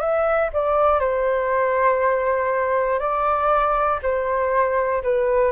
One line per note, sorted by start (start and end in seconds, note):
0.00 0.50 E5
0.53 1.00 D5
1.00 2.99 C5
2.99 3.99 D5
4.02 5.02 C5
5.03 5.51 B4